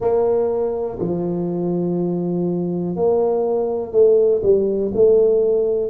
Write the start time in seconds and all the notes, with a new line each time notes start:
0.00 A#3
0.99 F3
2.96 A#3
3.92 A3
4.42 G3
4.94 A3